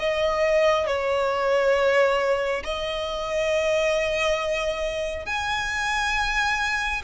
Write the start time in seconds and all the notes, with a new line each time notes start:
0.00 D#5
0.87 C#5
2.64 D#5
5.26 G#5